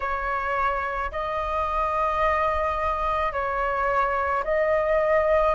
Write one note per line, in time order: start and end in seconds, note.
0.00 1.11 C#5
1.11 3.32 D#5
3.32 4.43 C#5
4.44 5.55 D#5